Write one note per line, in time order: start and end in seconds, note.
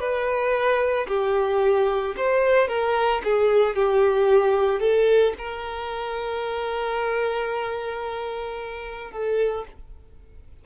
0.00 1.07 B4
1.08 2.15 G4
2.17 2.68 C5
2.68 3.22 A#4
3.24 3.76 G#4
3.76 4.81 G4
4.81 5.34 A4
5.38 9.12 A#4
9.12 9.65 A4